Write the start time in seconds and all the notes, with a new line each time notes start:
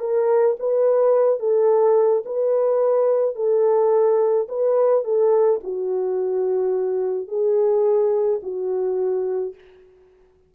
0.00 A#4
0.59 B4
1.39 A4
2.25 B4
3.35 A4
4.49 B4
5.04 A4
5.64 F#4
7.28 G#4
8.42 F#4